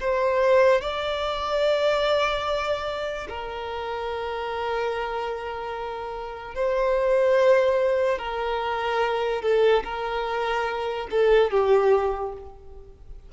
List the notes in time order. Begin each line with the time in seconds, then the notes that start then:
0.00 C5
0.81 D5
3.29 A#4
6.55 C5
8.19 A#4
9.42 A4
9.84 A#4
11.11 A4
11.51 G4